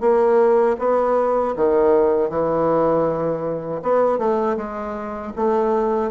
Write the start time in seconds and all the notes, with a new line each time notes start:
0.00 A#3
0.79 B3
1.56 D#3
2.29 E3
3.82 B3
4.18 A3
4.56 G#3
5.35 A3